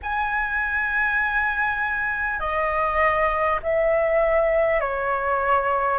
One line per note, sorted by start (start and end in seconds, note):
0.02 2.39 G#5
2.39 3.59 D#5
3.62 4.80 E5
4.80 5.98 C#5